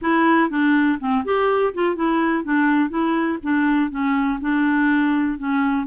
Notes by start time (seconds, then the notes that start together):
0.01 E4
0.50 D4
1.00 C4
1.24 G4
1.73 F4
1.95 E4
2.44 D4
2.89 E4
3.42 D4
3.90 C#4
4.40 D4
5.38 C#4